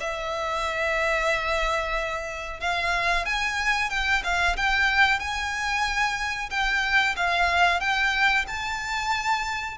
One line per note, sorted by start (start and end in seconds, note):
0.00 2.60 E5
2.60 3.25 F5
3.25 3.90 G#5
3.90 4.22 G5
4.24 4.56 F5
4.57 5.19 G5
5.19 6.50 G#5
6.50 7.15 G5
7.16 7.80 F5
7.80 8.45 G5
8.47 9.77 A5